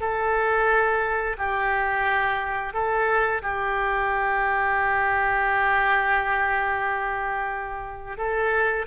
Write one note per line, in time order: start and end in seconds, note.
0.00 1.36 A4
1.38 2.73 G4
2.73 3.42 A4
3.42 8.17 G4
8.17 8.85 A4